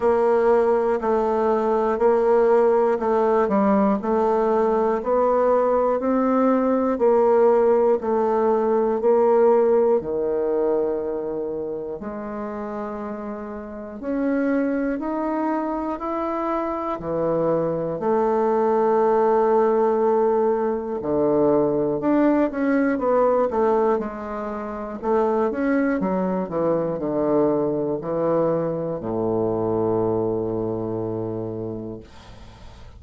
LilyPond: \new Staff \with { instrumentName = "bassoon" } { \time 4/4 \tempo 4 = 60 ais4 a4 ais4 a8 g8 | a4 b4 c'4 ais4 | a4 ais4 dis2 | gis2 cis'4 dis'4 |
e'4 e4 a2~ | a4 d4 d'8 cis'8 b8 a8 | gis4 a8 cis'8 fis8 e8 d4 | e4 a,2. | }